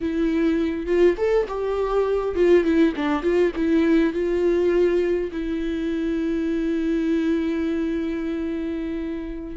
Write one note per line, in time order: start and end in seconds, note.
0.01 0.86 E4
0.86 1.16 F4
1.17 1.46 A4
1.48 2.35 G4
2.35 2.63 F4
2.63 2.93 E4
2.96 3.22 D4
3.22 3.52 F4
3.55 4.13 E4
4.13 5.30 F4
5.31 9.56 E4